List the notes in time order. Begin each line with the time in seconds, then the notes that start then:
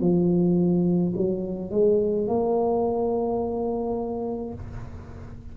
0.00 F3
1.16 F#3
1.71 G#3
2.27 A#3